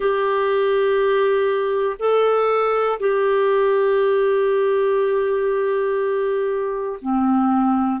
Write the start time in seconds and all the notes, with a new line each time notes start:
0.00 G4
1.99 A4
3.00 G4
7.01 C4